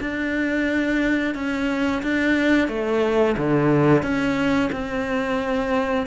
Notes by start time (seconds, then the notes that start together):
0.00 D4
1.35 C#4
2.03 D4
2.68 A3
3.38 D3
4.03 C#4
4.73 C4